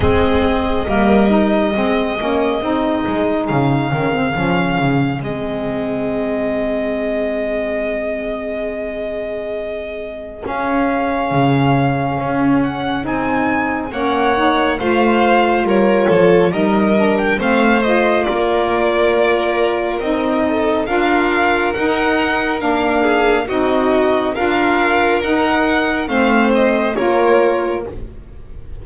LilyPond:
<<
  \new Staff \with { instrumentName = "violin" } { \time 4/4 \tempo 4 = 69 dis''1 | f''2 dis''2~ | dis''1 | f''2~ f''8 fis''8 gis''4 |
fis''4 f''4 cis''4 dis''8. g''16 | f''8 dis''8 d''2 dis''4 | f''4 fis''4 f''4 dis''4 | f''4 fis''4 f''8 dis''8 cis''4 | }
  \new Staff \with { instrumentName = "violin" } { \time 4/4 gis'4 ais'4 gis'2~ | gis'1~ | gis'1~ | gis'1 |
cis''4 c''4 ais'8 a'8 ais'4 | c''4 ais'2~ ais'8 a'8 | ais'2~ ais'8 gis'8 fis'4 | ais'2 c''4 ais'4 | }
  \new Staff \with { instrumentName = "saxophone" } { \time 4/4 c'4 ais8 dis'8 c'8 cis'8 dis'4~ | dis'8 cis'16 c'16 cis'4 c'2~ | c'1 | cis'2. dis'4 |
cis'8 dis'8 f'2 dis'8 d'8 | c'8 f'2~ f'8 dis'4 | f'4 dis'4 d'4 dis'4 | f'4 dis'4 c'4 f'4 | }
  \new Staff \with { instrumentName = "double bass" } { \time 4/4 gis4 g4 gis8 ais8 c'8 gis8 | cis8 dis8 f8 cis8 gis2~ | gis1 | cis'4 cis4 cis'4 c'4 |
ais4 a4 g8 f8 g4 | a4 ais2 c'4 | d'4 dis'4 ais4 c'4 | d'4 dis'4 a4 ais4 | }
>>